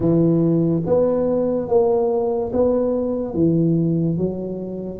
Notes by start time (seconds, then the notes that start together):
0.00 E3
0.86 B3
1.68 A#3
2.52 B3
3.34 E3
4.17 F#3